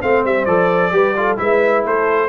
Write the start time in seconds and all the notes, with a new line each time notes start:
0.00 A3 C4 C5 F5
0.24 G3 E5
0.45 F3 A4 D5
0.91 G3 G4 B4
1.16 F4 A4
1.37 G#3 E4 B4 E5
1.85 A3 A4 C5